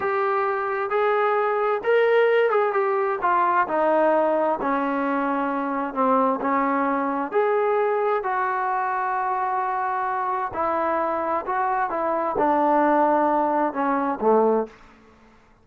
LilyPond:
\new Staff \with { instrumentName = "trombone" } { \time 4/4 \tempo 4 = 131 g'2 gis'2 | ais'4. gis'8 g'4 f'4 | dis'2 cis'2~ | cis'4 c'4 cis'2 |
gis'2 fis'2~ | fis'2. e'4~ | e'4 fis'4 e'4 d'4~ | d'2 cis'4 a4 | }